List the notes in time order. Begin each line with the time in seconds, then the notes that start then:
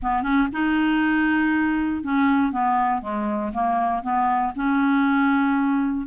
0.02 B3
0.23 C#4
0.52 D#4
2.03 C#4
2.52 B3
3.01 G#3
3.53 A#3
4.02 B3
4.55 C#4